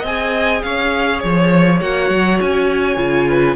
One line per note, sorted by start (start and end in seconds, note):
0.00 0.62 C4
0.00 0.59 D#5
0.06 1.80 G#4
0.06 0.62 G#5
0.62 1.23 C#4
0.62 3.29 C#5
0.62 1.20 F5
1.20 1.81 F3
1.20 1.78 C#5
1.80 2.10 A#3
1.80 2.97 F#4
1.80 2.40 F#5
2.10 2.39 F#3
2.41 2.96 C#4
2.41 3.56 G#5
2.96 3.55 C#3
2.96 3.56 F4
3.29 3.56 B4